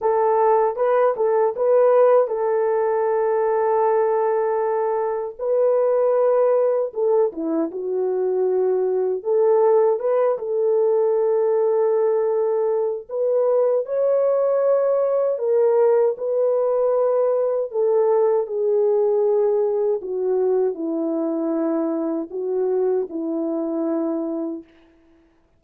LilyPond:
\new Staff \with { instrumentName = "horn" } { \time 4/4 \tempo 4 = 78 a'4 b'8 a'8 b'4 a'4~ | a'2. b'4~ | b'4 a'8 e'8 fis'2 | a'4 b'8 a'2~ a'8~ |
a'4 b'4 cis''2 | ais'4 b'2 a'4 | gis'2 fis'4 e'4~ | e'4 fis'4 e'2 | }